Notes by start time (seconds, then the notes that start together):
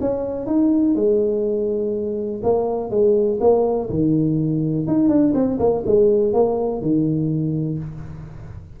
0.00 C#4
0.46 D#4
0.95 G#3
2.43 A#3
2.90 G#3
3.40 A#3
3.89 D#3
4.87 D#4
5.08 D4
5.34 C4
5.59 A#3
5.86 G#3
6.33 A#3
6.81 D#3